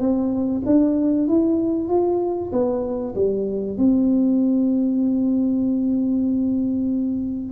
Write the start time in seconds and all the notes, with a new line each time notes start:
0.00 C4
0.66 D4
1.28 E4
1.89 F4
2.52 B3
3.15 G3
3.78 C4